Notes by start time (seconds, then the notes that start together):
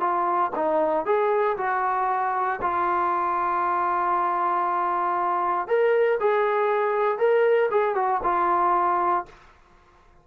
0.00 F4
0.56 D#4
1.06 G#4
1.58 F#4
2.62 F4
5.68 A#4
6.21 G#4
7.19 A#4
7.71 G#4
7.95 F#4
8.23 F4